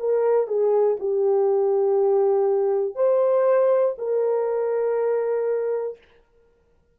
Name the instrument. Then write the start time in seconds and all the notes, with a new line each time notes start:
horn
0.00 A#4
0.48 G#4
1.00 G4
2.95 C5
3.98 A#4